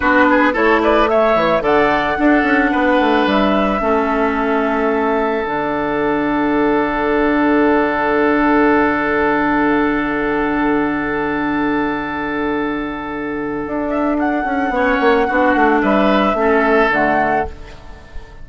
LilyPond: <<
  \new Staff \with { instrumentName = "flute" } { \time 4/4 \tempo 4 = 110 b'4 cis''8 d''8 e''4 fis''4~ | fis''2 e''2~ | e''2 fis''2~ | fis''1~ |
fis''1~ | fis''1~ | fis''4. e''8 fis''2~ | fis''4 e''2 fis''4 | }
  \new Staff \with { instrumentName = "oboe" } { \time 4/4 fis'8 gis'8 a'8 b'8 cis''4 d''4 | a'4 b'2 a'4~ | a'1~ | a'1~ |
a'1~ | a'1~ | a'2. cis''4 | fis'4 b'4 a'2 | }
  \new Staff \with { instrumentName = "clarinet" } { \time 4/4 d'4 e'4 a4 a'4 | d'2. cis'4~ | cis'2 d'2~ | d'1~ |
d'1~ | d'1~ | d'2. cis'4 | d'2 cis'4 a4 | }
  \new Staff \with { instrumentName = "bassoon" } { \time 4/4 b4 a4. e8 d4 | d'8 cis'8 b8 a8 g4 a4~ | a2 d2~ | d1~ |
d1~ | d1~ | d4 d'4. cis'8 b8 ais8 | b8 a8 g4 a4 d4 | }
>>